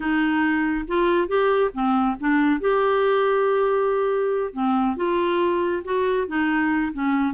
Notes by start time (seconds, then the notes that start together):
0.00 D#4
0.87 F4
1.27 G4
1.73 C4
2.20 D4
2.60 G4
4.53 C4
4.96 F4
5.84 F#4
6.27 D#4
6.93 C#4